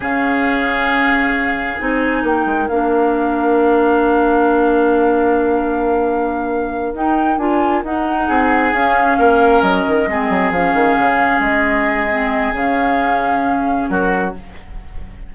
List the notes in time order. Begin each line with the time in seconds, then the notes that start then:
0.00 C#3 C#4 G#4 F5
1.79 C4 D#4 G#5
2.22 A#3 A#4 G5
2.45 G#3
2.68 A#3 D4 F5
6.93 D#4 G5
7.37 D4 F4 G#5
7.83 D#4 F#5
8.27 C4 G#4
8.72 C#4 F5
9.18 A#3 A#4
9.61 F#3 D#5
9.87 D#3
10.07 G#3 C4 G#4
10.29 F#3
10.50 F3 C#4 F5
10.73 D#3
10.98 C#3
11.39 G#3 D#5
12.10 C4
12.52 C#3 C#4 F5
13.88 F#3 F#4 A#4